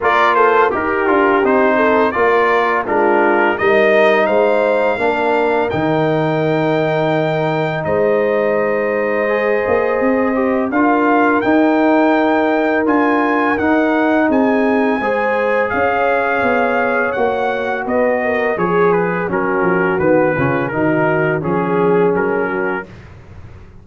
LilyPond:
<<
  \new Staff \with { instrumentName = "trumpet" } { \time 4/4 \tempo 4 = 84 d''8 c''8 ais'4 c''4 d''4 | ais'4 dis''4 f''2 | g''2. dis''4~ | dis''2. f''4 |
g''2 gis''4 fis''4 | gis''2 f''2 | fis''4 dis''4 cis''8 b'8 ais'4 | b'4 ais'4 gis'4 ais'4 | }
  \new Staff \with { instrumentName = "horn" } { \time 4/4 ais'8 a'8 g'4. a'8 ais'4 | f'4 ais'4 c''4 ais'4~ | ais'2. c''4~ | c''2. ais'4~ |
ais'1 | gis'4 c''4 cis''2~ | cis''4 b'8 ais'8 gis'4 fis'4~ | fis'8 f'8 fis'4 gis'4. fis'8 | }
  \new Staff \with { instrumentName = "trombone" } { \time 4/4 f'4 g'8 f'8 dis'4 f'4 | d'4 dis'2 d'4 | dis'1~ | dis'4 gis'4. g'8 f'4 |
dis'2 f'4 dis'4~ | dis'4 gis'2. | fis'2 gis'4 cis'4 | b8 cis'8 dis'4 cis'2 | }
  \new Staff \with { instrumentName = "tuba" } { \time 4/4 ais4 dis'8 d'8 c'4 ais4 | gis4 g4 gis4 ais4 | dis2. gis4~ | gis4. ais8 c'4 d'4 |
dis'2 d'4 dis'4 | c'4 gis4 cis'4 b4 | ais4 b4 f4 fis8 f8 | dis8 cis8 dis4 f4 fis4 | }
>>